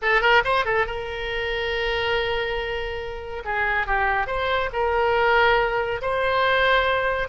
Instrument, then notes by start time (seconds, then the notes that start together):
oboe
0.02 A4
0.21 A#4
0.44 C5
0.65 A4
0.86 A#4
3.44 G#4
3.86 G4
4.26 C5
4.72 A#4
6.01 C5